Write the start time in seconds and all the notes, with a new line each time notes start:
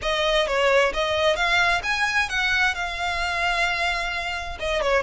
0.02 D#5
0.47 C#5
0.93 D#5
1.36 F5
1.83 G#5
2.29 F#5
2.74 F5
4.59 D#5
4.81 C#5